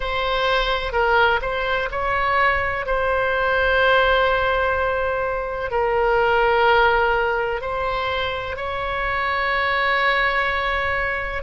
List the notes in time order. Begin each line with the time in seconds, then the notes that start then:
0.00 C5
0.92 A#4
1.41 C5
1.91 C#5
2.86 C5
5.70 A#4
7.61 C5
8.56 C#5